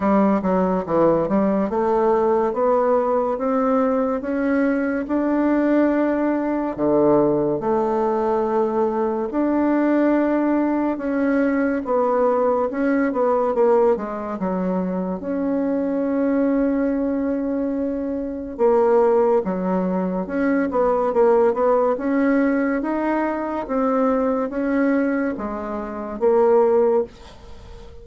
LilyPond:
\new Staff \with { instrumentName = "bassoon" } { \time 4/4 \tempo 4 = 71 g8 fis8 e8 g8 a4 b4 | c'4 cis'4 d'2 | d4 a2 d'4~ | d'4 cis'4 b4 cis'8 b8 |
ais8 gis8 fis4 cis'2~ | cis'2 ais4 fis4 | cis'8 b8 ais8 b8 cis'4 dis'4 | c'4 cis'4 gis4 ais4 | }